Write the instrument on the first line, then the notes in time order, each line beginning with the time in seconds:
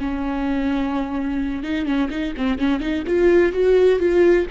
viola
0.00 C#4
1.64 D#4
1.86 C#4
2.10 D#4
2.37 C4
2.59 C#4
2.80 D#4
3.07 F4
3.53 F#4
4.00 F4